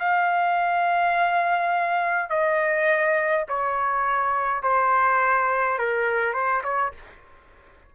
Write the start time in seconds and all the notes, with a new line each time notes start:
0.00 F5
2.30 D#5
3.48 C#5
4.63 C5
5.78 A#4
6.34 C5
6.64 C#5